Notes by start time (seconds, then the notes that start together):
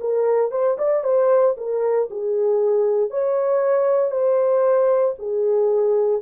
0.00 A#4
0.51 C5
0.78 D5
1.03 C5
1.57 A#4
2.10 G#4
3.10 C#5
4.11 C5
5.19 G#4